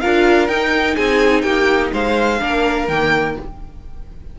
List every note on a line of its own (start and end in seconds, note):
0.00 0.48 D4
0.00 0.49 F4
0.00 0.95 A#4
0.00 0.48 F5
0.48 0.96 D#4
0.48 2.40 D#4
0.48 0.96 G5
0.95 1.43 C4
0.95 1.43 G#4
0.95 1.41 G#5
1.41 1.91 A#3
1.41 1.91 G4
1.41 1.89 G5
1.93 2.41 G#3
1.93 2.41 C5
1.93 2.88 F5
2.40 2.88 A#3
2.40 2.88 D4
2.40 3.39 A#4
2.88 3.36 D#3
2.88 3.39 A#3
2.88 3.36 G5